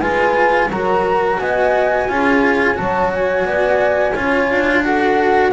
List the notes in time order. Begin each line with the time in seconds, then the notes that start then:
0.00 G#3 F4 B4 G#5
0.70 F#3 F#4 A#4 A#5
1.39 B3 D#5 G#5
2.09 C#4 F4 G#4
2.75 F#3 F#4 C#5 A5
3.14 G#5
3.46 B3 D5
4.14 C#4 F4 C#5
4.50 D4
4.84 F#4 A4 F#5